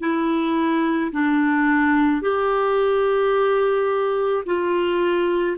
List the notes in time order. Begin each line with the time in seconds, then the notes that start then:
0.00 E4
1.12 D4
2.22 G4
4.45 F4